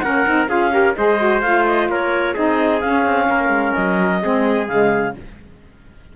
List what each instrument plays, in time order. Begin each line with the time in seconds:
0.00 cello A#3, saxophone C#4, trumpet A#4, clarinet F#5
0.27 cello C4, saxophone D#4
0.48 cello C#4, saxophone F4, trumpet G#4, clarinet F5
0.71 saxophone G4, trumpet A#4
0.96 cello G#3, saxophone G#4, trumpet C5, clarinet D#5
1.19 saxophone F#4
1.41 cello A3, saxophone F4, clarinet F5
1.66 clarinet D#5
1.89 cello A#3, trumpet A#4, clarinet C#5
2.34 cello C4, saxophone D#4, trumpet G#4, clarinet D#5
2.81 saxophone C#4, cello C#4, clarinet F5
3.06 cello C4
3.29 cello A#3, trumpet A#4
3.49 cello G#3
3.74 cello F#3, clarinet D#5
4.22 cello G#3, saxophone C4, trumpet G#4
4.68 cello C#3, saxophone G#3, clarinet F5